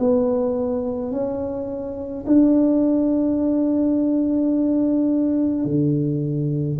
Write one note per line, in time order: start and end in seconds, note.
0.00 1.12 B3
1.12 2.25 C#4
2.27 5.65 D4
5.65 6.78 D3